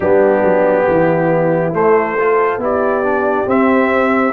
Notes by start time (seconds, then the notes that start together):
0.00 G3 B3 D4 G4
0.43 F#3
0.87 E3 E4
1.73 A3 C5
2.18 F4 A4
2.57 B3 E4 G4
2.64 D5
3.03 D4
3.46 C4 E5